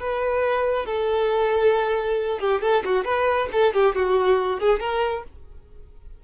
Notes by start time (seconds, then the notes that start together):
0.00 B4
0.86 A4
2.39 G4
2.62 A4
2.85 F#4
3.05 B4
3.52 A4
3.74 G4
3.96 F#4
4.60 G#4
4.80 A#4